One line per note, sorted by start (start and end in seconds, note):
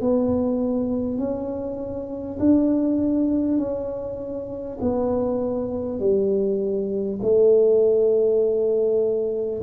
0.00 1.18 B3
1.18 2.38 C#4
2.39 3.57 D4
3.57 4.77 C#4
4.80 5.99 B3
5.99 7.19 G3
7.22 9.62 A3